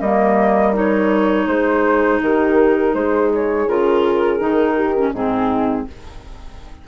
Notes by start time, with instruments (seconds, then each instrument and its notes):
0.00 bassoon G3, clarinet A#3, horn A#4, flute D#5
0.74 clarinet D#4, flute C#5
1.47 bassoon G#3, horn G#4, flute C5
2.21 bassoon D#3, horn G4, flute A#4
2.94 bassoon G#3, horn G#4, flute C5
3.35 flute C#5
3.68 bassoon C#3, clarinet F4, flute A#4
4.40 bassoon D#3, clarinet D#4
4.76 horn G4
4.96 clarinet C#4
5.13 bassoon G#2, clarinet C4, horn D#4, flute G#4